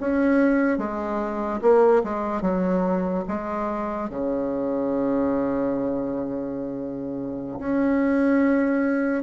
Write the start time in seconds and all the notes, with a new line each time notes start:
0.00 C#4
0.78 G#3
1.62 A#3
2.04 G#3
2.42 F#3
3.28 G#3
4.10 C#3
7.60 C#4